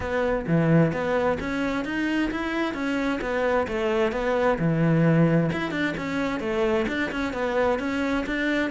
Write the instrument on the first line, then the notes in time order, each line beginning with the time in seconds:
cello
0.00 B3
0.47 E3
0.92 B3
1.40 C#4
1.84 D#4
2.31 E4
2.74 C#4
3.21 B3
3.67 A3
4.12 B3
4.58 E3
5.52 E4
5.71 D4
5.97 C#4
6.40 A3
6.88 D4
7.11 C#4
7.33 B3
7.79 C#4
8.26 D4